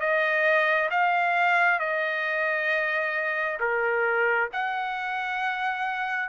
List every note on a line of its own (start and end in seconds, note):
0.00 0.90 D#5
0.91 1.80 F5
1.80 3.59 D#5
3.60 4.49 A#4
4.53 6.29 F#5